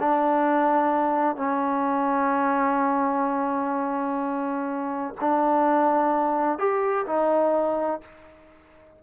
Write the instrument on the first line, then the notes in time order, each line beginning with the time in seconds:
trombone
0.00 D4
1.37 C#4
5.21 D4
6.59 G4
7.07 D#4